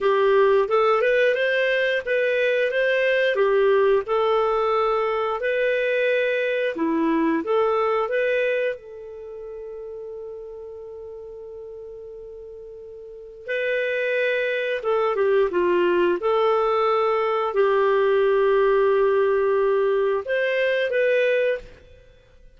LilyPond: \new Staff \with { instrumentName = "clarinet" } { \time 4/4 \tempo 4 = 89 g'4 a'8 b'8 c''4 b'4 | c''4 g'4 a'2 | b'2 e'4 a'4 | b'4 a'2.~ |
a'1 | b'2 a'8 g'8 f'4 | a'2 g'2~ | g'2 c''4 b'4 | }